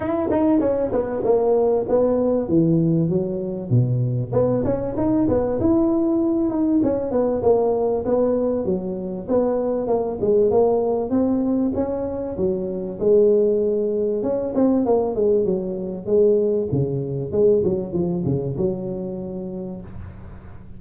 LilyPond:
\new Staff \with { instrumentName = "tuba" } { \time 4/4 \tempo 4 = 97 e'8 dis'8 cis'8 b8 ais4 b4 | e4 fis4 b,4 b8 cis'8 | dis'8 b8 e'4. dis'8 cis'8 b8 | ais4 b4 fis4 b4 |
ais8 gis8 ais4 c'4 cis'4 | fis4 gis2 cis'8 c'8 | ais8 gis8 fis4 gis4 cis4 | gis8 fis8 f8 cis8 fis2 | }